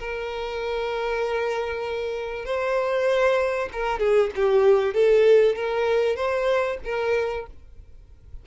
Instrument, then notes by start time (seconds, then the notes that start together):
violin
0.00 A#4
2.46 C5
3.73 A#4
4.00 G#4
4.36 G4
4.94 A4
5.56 A#4
6.16 C5
6.85 A#4